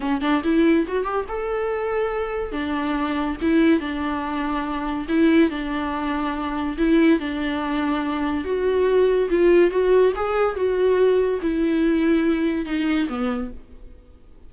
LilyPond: \new Staff \with { instrumentName = "viola" } { \time 4/4 \tempo 4 = 142 cis'8 d'8 e'4 fis'8 g'8 a'4~ | a'2 d'2 | e'4 d'2. | e'4 d'2. |
e'4 d'2. | fis'2 f'4 fis'4 | gis'4 fis'2 e'4~ | e'2 dis'4 b4 | }